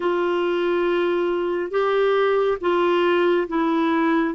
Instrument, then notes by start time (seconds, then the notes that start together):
clarinet
0.00 F4
1.70 G4
2.60 F4
3.47 E4